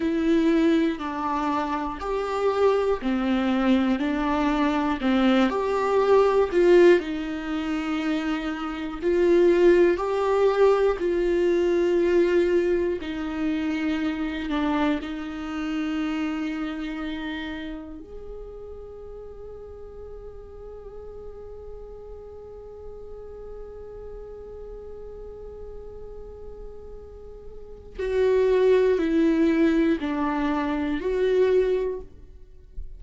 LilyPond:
\new Staff \with { instrumentName = "viola" } { \time 4/4 \tempo 4 = 60 e'4 d'4 g'4 c'4 | d'4 c'8 g'4 f'8 dis'4~ | dis'4 f'4 g'4 f'4~ | f'4 dis'4. d'8 dis'4~ |
dis'2 gis'2~ | gis'1~ | gis'1 | fis'4 e'4 d'4 fis'4 | }